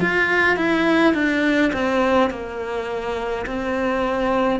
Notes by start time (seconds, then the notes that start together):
0.00 F4
0.57 E4
1.14 D4
1.73 C4
2.30 A#3
3.46 C4